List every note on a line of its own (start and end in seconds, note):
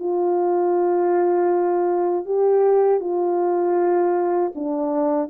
0.00 2.26 F4
2.26 3.01 G4
3.01 4.53 F4
4.55 5.30 D4